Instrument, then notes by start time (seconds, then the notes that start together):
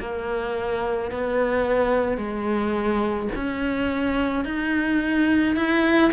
cello
0.00 A#3
1.11 B3
2.18 G#3
3.36 C#4
4.44 D#4
5.56 E4